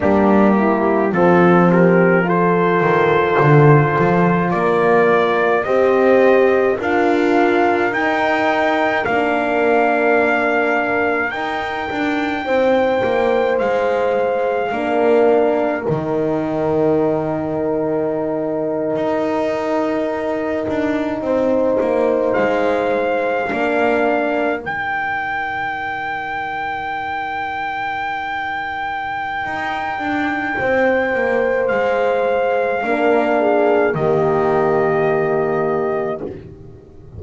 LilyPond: <<
  \new Staff \with { instrumentName = "trumpet" } { \time 4/4 \tempo 4 = 53 g'4 a'8 ais'8 c''2 | d''4 dis''4 f''4 g''4 | f''2 g''2 | f''2 g''2~ |
g''2.~ g''8. f''16~ | f''4.~ f''16 g''2~ g''16~ | g''1 | f''2 dis''2 | }
  \new Staff \with { instrumentName = "horn" } { \time 4/4 d'8 e'8 f'8 g'8 a'2 | ais'4 c''4 ais'2~ | ais'2. c''4~ | c''4 ais'2.~ |
ais'2~ ais'8. c''4~ c''16~ | c''8. ais'2.~ ais'16~ | ais'2. c''4~ | c''4 ais'8 gis'8 g'2 | }
  \new Staff \with { instrumentName = "horn" } { \time 4/4 ais4 c'4 f'2~ | f'4 g'4 f'4 dis'4 | d'2 dis'2~ | dis'4 d'4 dis'2~ |
dis'1~ | dis'8. d'4 dis'2~ dis'16~ | dis'1~ | dis'4 d'4 ais2 | }
  \new Staff \with { instrumentName = "double bass" } { \time 4/4 g4 f4. dis8 d8 f8 | ais4 c'4 d'4 dis'4 | ais2 dis'8 d'8 c'8 ais8 | gis4 ais4 dis2~ |
dis8. dis'4. d'8 c'8 ais8 gis16~ | gis8. ais4 dis2~ dis16~ | dis2 dis'8 d'8 c'8 ais8 | gis4 ais4 dis2 | }
>>